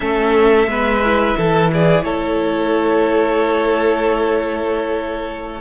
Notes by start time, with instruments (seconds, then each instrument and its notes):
0.00 cello A3, viola C#4, violin A4 E5
0.66 cello G#3, viola B3, violin B4
1.04 viola E4
1.37 cello E3, violin A4
1.72 violin G#4 D5
2.03 cello A3, violin A4 C#5